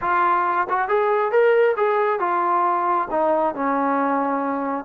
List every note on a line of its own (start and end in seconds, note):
0.01 0.67 F4
0.69 0.88 F#4
0.88 1.31 G#4
1.31 1.75 A#4
1.76 2.19 G#4
2.19 3.08 F4
3.10 3.55 D#4
3.55 4.84 C#4